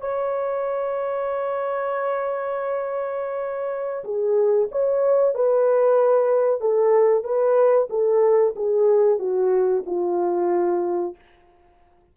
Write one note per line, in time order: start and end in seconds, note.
0.00 4.03 C#5
4.04 4.68 G#4
4.71 5.34 C#5
5.34 6.60 B4
6.60 7.23 A4
7.23 7.88 B4
7.89 8.54 A4
8.55 9.19 G#4
9.19 9.83 F#4
9.86 11.15 F4